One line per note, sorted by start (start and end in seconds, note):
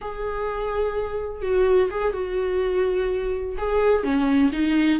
0.01 1.42 G#4
1.42 1.89 F#4
1.90 2.13 G#4
2.13 3.56 F#4
3.57 4.03 G#4
4.03 4.51 C#4
4.52 5.00 D#4